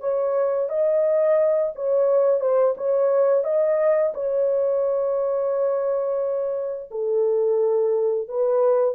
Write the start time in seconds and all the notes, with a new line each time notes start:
0.00 C#5
0.69 D#5
1.75 C#5
2.40 C5
2.77 C#5
3.44 D#5
4.14 C#5
6.91 A4
8.29 B4